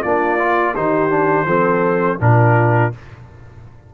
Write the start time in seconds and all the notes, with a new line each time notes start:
0.00 A#3 D4 F4 D5
0.39 F4
0.74 D#3 D#4 G4 C5
1.10 D4
1.45 F3 C4 A4
2.19 A#2 D4 F4 A#4